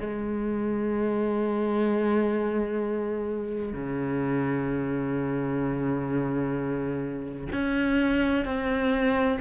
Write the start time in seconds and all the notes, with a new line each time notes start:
0.00 G#3
3.73 C#3
7.52 C#4
8.45 C4